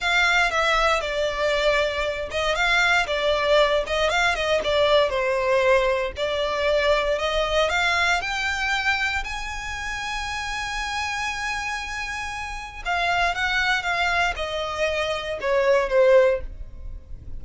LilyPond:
\new Staff \with { instrumentName = "violin" } { \time 4/4 \tempo 4 = 117 f''4 e''4 d''2~ | d''8 dis''8 f''4 d''4. dis''8 | f''8 dis''8 d''4 c''2 | d''2 dis''4 f''4 |
g''2 gis''2~ | gis''1~ | gis''4 f''4 fis''4 f''4 | dis''2 cis''4 c''4 | }